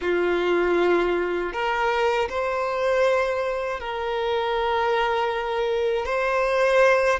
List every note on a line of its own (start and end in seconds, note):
0.01 1.52 F4
1.52 2.28 A#4
2.29 3.80 C5
3.80 6.05 A#4
6.05 7.19 C5